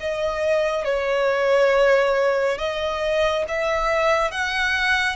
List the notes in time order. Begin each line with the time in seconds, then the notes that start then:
0.00 D#5
0.84 C#5
2.58 D#5
3.48 E5
4.31 F#5